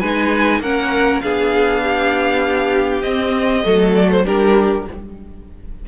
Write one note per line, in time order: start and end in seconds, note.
0.00 0.60 G#3
0.00 0.62 D#4
0.00 0.61 B4
0.00 0.61 G#5
0.60 1.20 A#3
0.60 1.23 C#4
0.60 1.23 A#4
0.60 1.21 F#5
1.21 3.03 B3
1.21 3.04 D4
1.21 1.83 G#4
1.21 3.02 F5
1.83 3.65 G4
3.02 3.64 C4
3.02 3.63 C4
3.02 3.93 D#5
3.63 4.26 F#3
3.63 4.24 A3
3.63 4.25 A4
3.95 4.10 D5
4.12 4.26 C5
4.25 4.88 G3
4.25 4.86 D4
4.25 4.86 G4
4.25 4.87 A#4